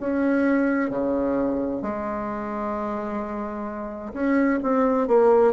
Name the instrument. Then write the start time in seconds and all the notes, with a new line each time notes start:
bassoon
0.00 C#4
0.90 C#3
1.82 G#3
4.13 C#4
4.63 C4
5.08 A#3